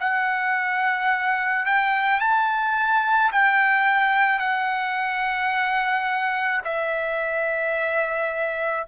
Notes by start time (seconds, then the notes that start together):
0.00 F#5
1.66 G5
2.20 A5
3.32 G5
4.39 F#5
6.65 E5